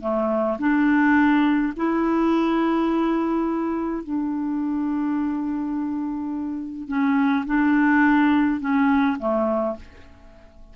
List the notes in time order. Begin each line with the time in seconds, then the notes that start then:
0.00 A3
0.58 D4
1.76 E4
4.03 D4
6.87 C#4
7.46 D4
8.60 C#4
9.18 A3